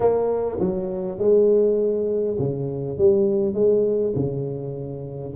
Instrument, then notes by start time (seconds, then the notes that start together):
tuba
0.00 A#3
0.59 F#3
1.18 G#3
2.38 C#3
2.98 G3
3.54 G#3
4.15 C#3